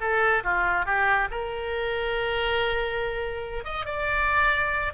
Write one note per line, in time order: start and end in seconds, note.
0.00 0.43 A4
0.43 0.85 F4
0.85 1.28 G4
1.31 3.64 A#4
3.64 3.85 D#5
3.85 4.92 D5